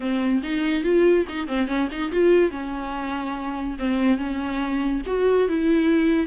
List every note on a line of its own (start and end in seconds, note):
0.00 0.41 C4
0.43 0.83 D#4
0.83 1.25 F4
1.28 1.47 D#4
1.47 1.67 C4
1.67 1.88 C#4
1.91 2.11 D#4
2.11 2.51 F4
2.51 3.76 C#4
3.78 4.17 C4
4.17 5.01 C#4
5.06 5.48 F#4
5.48 6.27 E4